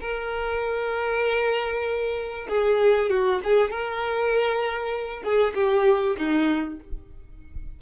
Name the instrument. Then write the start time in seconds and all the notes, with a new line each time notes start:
violin
0.00 A#4
2.48 G#4
3.09 F#4
3.43 G#4
3.70 A#4
5.23 G#4
5.54 G4
6.17 D#4